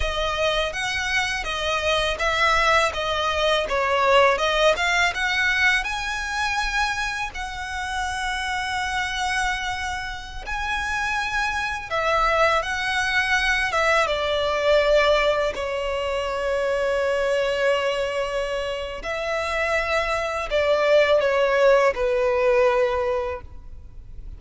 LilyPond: \new Staff \with { instrumentName = "violin" } { \time 4/4 \tempo 4 = 82 dis''4 fis''4 dis''4 e''4 | dis''4 cis''4 dis''8 f''8 fis''4 | gis''2 fis''2~ | fis''2~ fis''16 gis''4.~ gis''16~ |
gis''16 e''4 fis''4. e''8 d''8.~ | d''4~ d''16 cis''2~ cis''8.~ | cis''2 e''2 | d''4 cis''4 b'2 | }